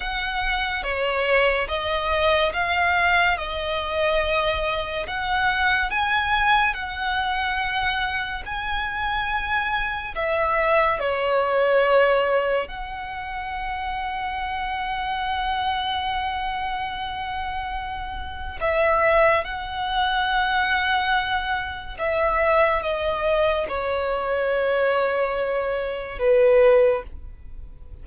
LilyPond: \new Staff \with { instrumentName = "violin" } { \time 4/4 \tempo 4 = 71 fis''4 cis''4 dis''4 f''4 | dis''2 fis''4 gis''4 | fis''2 gis''2 | e''4 cis''2 fis''4~ |
fis''1~ | fis''2 e''4 fis''4~ | fis''2 e''4 dis''4 | cis''2. b'4 | }